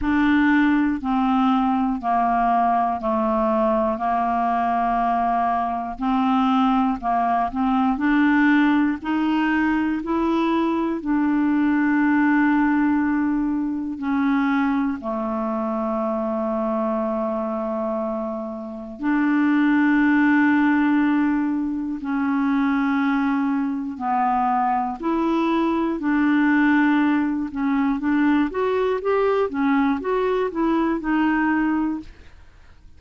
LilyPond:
\new Staff \with { instrumentName = "clarinet" } { \time 4/4 \tempo 4 = 60 d'4 c'4 ais4 a4 | ais2 c'4 ais8 c'8 | d'4 dis'4 e'4 d'4~ | d'2 cis'4 a4~ |
a2. d'4~ | d'2 cis'2 | b4 e'4 d'4. cis'8 | d'8 fis'8 g'8 cis'8 fis'8 e'8 dis'4 | }